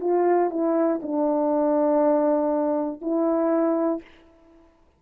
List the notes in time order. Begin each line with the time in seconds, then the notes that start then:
0.00 F4
0.50 E4
1.02 D4
3.01 E4